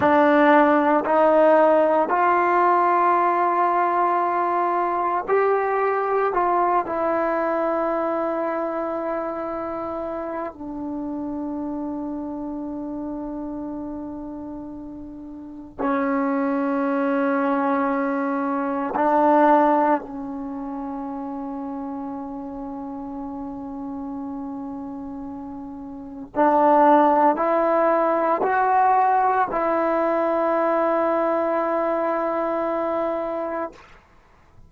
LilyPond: \new Staff \with { instrumentName = "trombone" } { \time 4/4 \tempo 4 = 57 d'4 dis'4 f'2~ | f'4 g'4 f'8 e'4.~ | e'2 d'2~ | d'2. cis'4~ |
cis'2 d'4 cis'4~ | cis'1~ | cis'4 d'4 e'4 fis'4 | e'1 | }